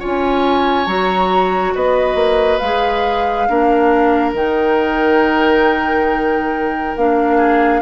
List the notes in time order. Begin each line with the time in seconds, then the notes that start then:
0.00 C#4 F4 C#5 G#5
0.86 F#3 F#4 A#5
1.75 B3 B4 D#5
2.15 A#3
2.59 G#3 G#4 F5
3.49 A#3 D4 A#4
4.34 D#3 D#4 G5
6.97 A#3 D4 F5
7.37 G#4